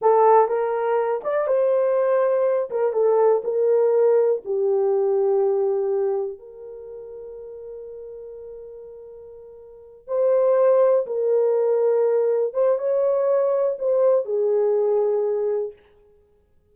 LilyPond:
\new Staff \with { instrumentName = "horn" } { \time 4/4 \tempo 4 = 122 a'4 ais'4. d''8 c''4~ | c''4. ais'8 a'4 ais'4~ | ais'4 g'2.~ | g'4 ais'2.~ |
ais'1~ | ais'8 c''2 ais'4.~ | ais'4. c''8 cis''2 | c''4 gis'2. | }